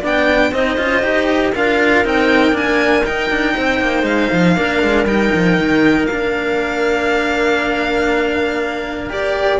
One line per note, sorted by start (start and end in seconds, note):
0.00 0.51 B3
0.00 0.52 D4
0.00 0.50 D5
0.00 0.53 G5
0.51 0.77 C4
0.51 0.77 D#4
0.51 1.53 C5
0.51 1.54 D#5
0.77 1.02 C#4
0.77 1.02 F4
1.02 1.53 D#4
1.02 1.53 G4
1.53 2.04 D4
1.53 2.04 F4
1.53 3.54 A#4
1.53 2.05 F5
2.04 2.52 C4
2.04 2.52 D#4
2.04 2.56 G5
2.52 3.02 A#3
2.52 3.03 D4
2.52 3.05 G#5
3.04 4.55 D#4
3.04 3.30 D#4
3.04 4.05 G5
3.30 3.55 D4
3.54 3.80 C4
3.54 4.55 C5
3.80 4.03 A#3
4.03 4.28 G#3
4.03 5.06 F5
4.32 4.57 F3
4.55 4.83 A#3
4.55 5.06 D4
4.55 9.59 A#4
4.83 5.05 G#3
5.05 5.30 G3
5.05 6.08 D#4
5.05 6.06 G5
5.34 5.58 F3
5.58 6.05 D#3
6.05 9.58 A#3
6.05 9.09 F5
6.11 9.10 D4
9.10 9.59 G4
9.10 9.59 D5